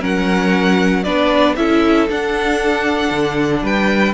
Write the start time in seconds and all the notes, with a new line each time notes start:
0.00 F#3 C#4 A#4 F#5
1.04 B3 D4 B4 D5
1.56 C#4 E4 A4 E5
2.09 D4 F#5
3.11 D3
3.63 G3 B4 G5